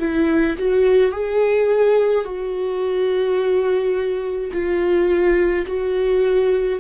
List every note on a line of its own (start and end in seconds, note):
0.00 0.57 E4
0.59 1.12 F#4
1.12 2.25 G#4
2.25 4.52 F#4
4.53 5.66 F4
5.67 6.80 F#4